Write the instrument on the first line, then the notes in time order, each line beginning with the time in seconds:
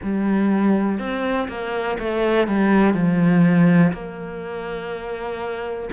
cello
0.02 G3
0.98 C4
1.48 A#3
1.99 A3
2.47 G3
2.94 F3
3.93 A#3